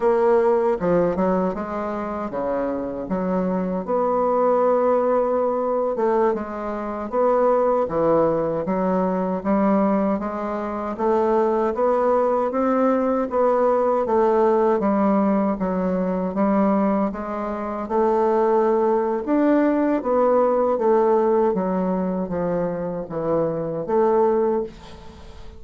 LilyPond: \new Staff \with { instrumentName = "bassoon" } { \time 4/4 \tempo 4 = 78 ais4 f8 fis8 gis4 cis4 | fis4 b2~ b8. a16~ | a16 gis4 b4 e4 fis8.~ | fis16 g4 gis4 a4 b8.~ |
b16 c'4 b4 a4 g8.~ | g16 fis4 g4 gis4 a8.~ | a4 d'4 b4 a4 | fis4 f4 e4 a4 | }